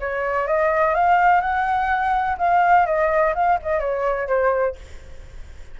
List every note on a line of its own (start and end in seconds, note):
0.00 0.47 C#5
0.47 0.94 D#5
0.94 1.41 F5
1.41 2.37 F#5
2.38 2.86 F5
2.86 3.34 D#5
3.34 3.58 F5
3.62 3.80 D#5
3.80 4.27 C#5
4.27 4.75 C5